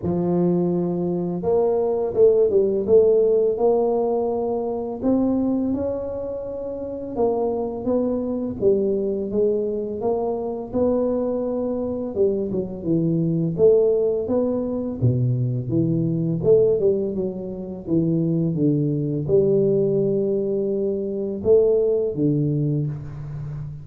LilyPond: \new Staff \with { instrumentName = "tuba" } { \time 4/4 \tempo 4 = 84 f2 ais4 a8 g8 | a4 ais2 c'4 | cis'2 ais4 b4 | g4 gis4 ais4 b4~ |
b4 g8 fis8 e4 a4 | b4 b,4 e4 a8 g8 | fis4 e4 d4 g4~ | g2 a4 d4 | }